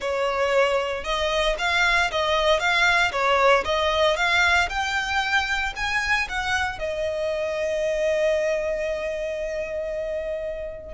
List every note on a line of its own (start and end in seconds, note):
0.00 1.04 C#5
1.04 1.56 D#5
1.58 2.10 F5
2.11 2.59 D#5
2.59 3.11 F5
3.12 3.64 C#5
3.64 4.16 D#5
4.16 4.68 F5
4.69 5.73 G5
5.75 6.28 G#5
6.28 6.78 F#5
6.78 10.94 D#5